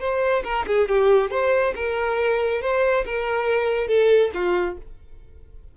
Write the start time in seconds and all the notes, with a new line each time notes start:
0.00 C5
0.44 A#4
0.67 G#4
0.88 G4
1.31 C5
1.75 A#4
2.62 C5
3.05 A#4
3.88 A4
4.34 F4